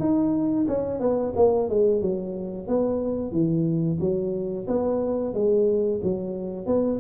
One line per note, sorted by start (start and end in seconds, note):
0.00 0.67 D#4
0.68 1.00 C#4
1.00 1.33 B3
1.36 1.69 A#3
1.70 2.02 G#3
2.02 2.68 F#3
2.68 3.32 B3
3.32 3.99 E3
4.00 4.67 F#3
4.68 5.34 B3
5.34 6.01 G#3
6.03 6.66 F#3
6.66 7.00 B3